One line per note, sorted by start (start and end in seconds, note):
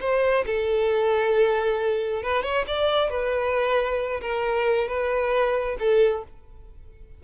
0.00 0.44 C5
0.46 2.22 A4
2.22 2.42 B4
2.42 2.65 C#5
2.67 3.09 D5
3.09 4.21 B4
4.21 4.87 A#4
4.88 5.77 B4
5.79 6.23 A4